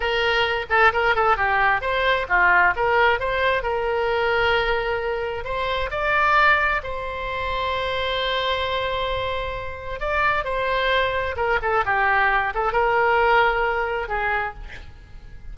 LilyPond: \new Staff \with { instrumentName = "oboe" } { \time 4/4 \tempo 4 = 132 ais'4. a'8 ais'8 a'8 g'4 | c''4 f'4 ais'4 c''4 | ais'1 | c''4 d''2 c''4~ |
c''1~ | c''2 d''4 c''4~ | c''4 ais'8 a'8 g'4. a'8 | ais'2. gis'4 | }